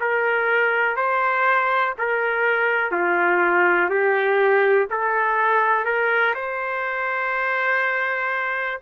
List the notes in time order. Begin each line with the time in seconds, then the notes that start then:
0.00 A#4
0.97 C5
1.98 A#4
2.92 F4
3.90 G4
4.90 A4
5.85 A#4
6.35 C5